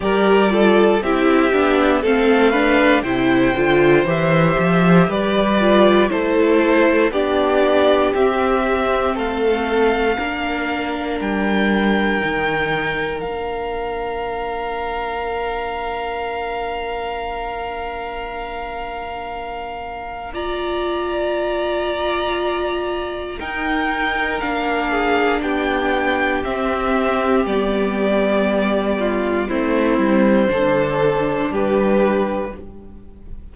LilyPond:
<<
  \new Staff \with { instrumentName = "violin" } { \time 4/4 \tempo 4 = 59 d''4 e''4 f''4 g''4 | e''4 d''4 c''4 d''4 | e''4 f''2 g''4~ | g''4 f''2.~ |
f''1 | ais''2. g''4 | f''4 g''4 e''4 d''4~ | d''4 c''2 b'4 | }
  \new Staff \with { instrumentName = "violin" } { \time 4/4 ais'8 a'8 g'4 a'8 b'8 c''4~ | c''4 b'4 a'4 g'4~ | g'4 a'4 ais'2~ | ais'1~ |
ais'1 | d''2. ais'4~ | ais'8 gis'8 g'2.~ | g'8 f'8 e'4 a'4 g'4 | }
  \new Staff \with { instrumentName = "viola" } { \time 4/4 g'8 f'8 e'8 d'8 c'8 d'8 e'8 f'8 | g'4. f'8 e'4 d'4 | c'2 d'2 | dis'4 d'2.~ |
d'1 | f'2. dis'4 | d'2 c'4 b4~ | b4 c'4 d'2 | }
  \new Staff \with { instrumentName = "cello" } { \time 4/4 g4 c'8 b8 a4 c8 d8 | e8 f8 g4 a4 b4 | c'4 a4 ais4 g4 | dis4 ais2.~ |
ais1~ | ais2. dis'4 | ais4 b4 c'4 g4~ | g4 a8 g8 d4 g4 | }
>>